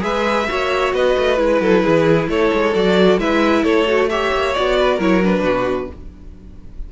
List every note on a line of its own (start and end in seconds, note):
0.00 0.49 G#3
0.00 0.45 G#4
0.00 0.49 B4
0.00 0.93 E5
0.48 0.93 A#3
0.48 1.37 F#4
0.48 0.95 C#5
0.93 1.16 B3
0.93 1.62 B4
0.93 1.39 D#5
1.19 1.40 A3
1.37 1.61 G#3
1.37 2.72 E4
1.37 2.29 B4
1.61 1.84 F#3
1.61 1.84 A4
1.84 2.28 E3
1.84 2.29 G#4
2.28 2.51 A3
2.28 3.20 A4
2.28 2.74 C#5
2.53 2.75 G#3
2.74 3.18 F#3
2.74 3.19 F#4
2.74 3.20 D5
3.18 3.63 G#3
3.18 3.87 E4
3.18 3.64 B4
3.18 3.64 E5
3.64 4.32 A3
3.64 4.09 A4
3.64 4.09 C#5
3.87 4.10 F#4
4.10 4.55 G4
4.10 4.78 C#5
4.10 4.54 E5
4.33 4.56 A#3
4.54 4.99 B3
4.54 5.00 F#4
4.54 4.99 D5
4.78 4.95 B4
4.95 5.42 F#3
4.95 5.22 E4
4.95 5.40 A#4
5.01 5.24 C#5
5.22 5.90 D4
5.22 5.92 B4
5.42 5.87 B2
5.42 5.88 F#4